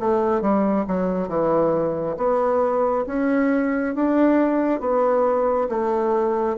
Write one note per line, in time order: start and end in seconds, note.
0.00 0.41 A3
0.41 0.85 G3
0.88 1.28 F#3
1.28 2.17 E3
2.17 3.06 B3
3.07 3.95 C#4
3.95 4.80 D4
4.80 5.68 B3
5.69 6.57 A3